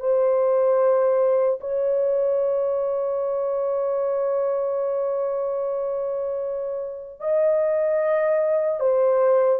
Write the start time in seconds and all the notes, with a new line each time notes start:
0.00 C5
1.61 C#5
7.20 D#5
8.80 C5